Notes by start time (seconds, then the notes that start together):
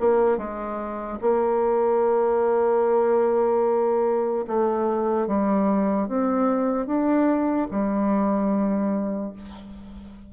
0.00 A#3
0.37 G#3
1.21 A#3
4.47 A3
5.27 G3
6.08 C4
6.87 D4
7.71 G3